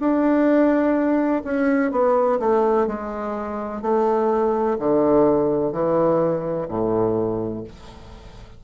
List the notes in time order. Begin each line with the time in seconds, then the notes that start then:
0.00 D4
1.45 C#4
1.92 B3
2.39 A3
2.87 G#3
3.82 A3
4.79 D3
5.73 E3
6.68 A2